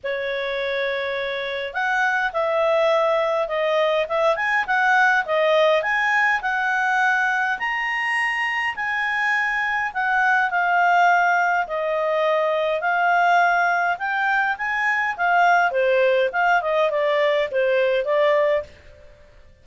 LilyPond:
\new Staff \with { instrumentName = "clarinet" } { \time 4/4 \tempo 4 = 103 cis''2. fis''4 | e''2 dis''4 e''8 gis''8 | fis''4 dis''4 gis''4 fis''4~ | fis''4 ais''2 gis''4~ |
gis''4 fis''4 f''2 | dis''2 f''2 | g''4 gis''4 f''4 c''4 | f''8 dis''8 d''4 c''4 d''4 | }